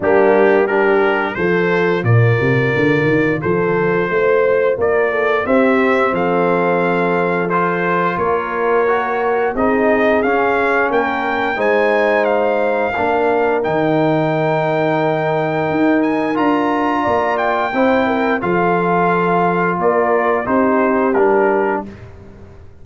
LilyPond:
<<
  \new Staff \with { instrumentName = "trumpet" } { \time 4/4 \tempo 4 = 88 g'4 ais'4 c''4 d''4~ | d''4 c''2 d''4 | e''4 f''2 c''4 | cis''2 dis''4 f''4 |
g''4 gis''4 f''2 | g''2.~ g''8 gis''8 | ais''4. g''4. f''4~ | f''4 d''4 c''4 ais'4 | }
  \new Staff \with { instrumentName = "horn" } { \time 4/4 d'4 g'4 a'4 ais'4~ | ais'4 a'4 c''4 ais'8 a'8 | g'4 a'2. | ais'2 gis'2 |
ais'4 c''2 ais'4~ | ais'1~ | ais'4 d''4 c''8 ais'8 a'4~ | a'4 ais'4 g'2 | }
  \new Staff \with { instrumentName = "trombone" } { \time 4/4 ais4 d'4 f'2~ | f'1 | c'2. f'4~ | f'4 fis'4 dis'4 cis'4~ |
cis'4 dis'2 d'4 | dis'1 | f'2 e'4 f'4~ | f'2 dis'4 d'4 | }
  \new Staff \with { instrumentName = "tuba" } { \time 4/4 g2 f4 ais,8 c8 | d8 dis8 f4 a4 ais4 | c'4 f2. | ais2 c'4 cis'4 |
ais4 gis2 ais4 | dis2. dis'4 | d'4 ais4 c'4 f4~ | f4 ais4 c'4 g4 | }
>>